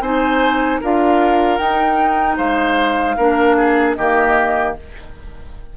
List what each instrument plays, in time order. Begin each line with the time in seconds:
0.00 bassoon C4, clarinet D#4, oboe C5, flute G#5
0.80 bassoon D4, clarinet F4, oboe A#4, flute F5
1.57 bassoon D#4, clarinet D#4, flute G5
2.37 bassoon G#3, oboe C5, flute F5
3.16 bassoon A#3, clarinet D4, oboe A#4
3.56 oboe G#4
3.94 bassoon D#3, clarinet A#3, oboe G4, flute D#5